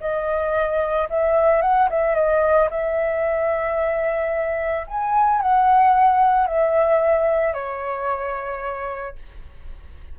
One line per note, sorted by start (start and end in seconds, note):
0.00 1.08 D#5
1.09 1.61 E5
1.61 1.88 F#5
1.90 2.14 E5
2.14 2.69 D#5
2.70 4.86 E5
4.87 5.41 G#5
5.41 6.46 F#5
6.46 7.53 E5
7.53 9.15 C#5